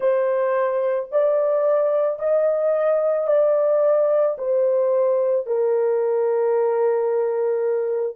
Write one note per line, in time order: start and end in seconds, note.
0.00 1.09 C5
1.12 2.19 D5
2.19 3.27 D#5
3.27 4.36 D5
4.38 5.46 C5
5.46 8.16 A#4